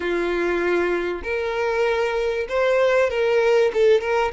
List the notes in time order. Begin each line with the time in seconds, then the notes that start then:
0.00 F4
1.23 A#4
2.49 C5
3.09 A#4
3.73 A4
4.00 A#4